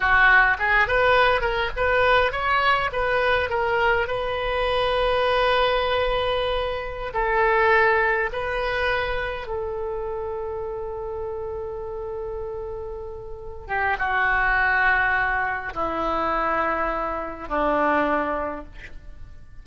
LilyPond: \new Staff \with { instrumentName = "oboe" } { \time 4/4 \tempo 4 = 103 fis'4 gis'8 b'4 ais'8 b'4 | cis''4 b'4 ais'4 b'4~ | b'1~ | b'16 a'2 b'4.~ b'16~ |
b'16 a'2.~ a'8.~ | a'2.~ a'8 g'8 | fis'2. e'4~ | e'2 d'2 | }